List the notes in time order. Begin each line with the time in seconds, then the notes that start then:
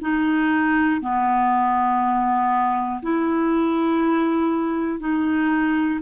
0.00 D#4
1.00 B3
3.02 E4
4.99 D#4